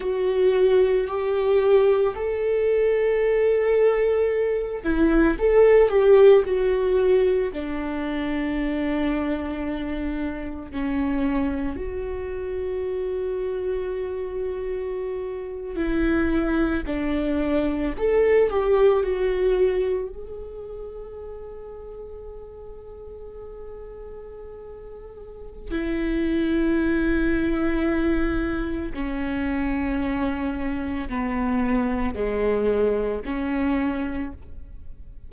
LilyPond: \new Staff \with { instrumentName = "viola" } { \time 4/4 \tempo 4 = 56 fis'4 g'4 a'2~ | a'8 e'8 a'8 g'8 fis'4 d'4~ | d'2 cis'4 fis'4~ | fis'2~ fis'8. e'4 d'16~ |
d'8. a'8 g'8 fis'4 gis'4~ gis'16~ | gis'1 | e'2. cis'4~ | cis'4 b4 gis4 cis'4 | }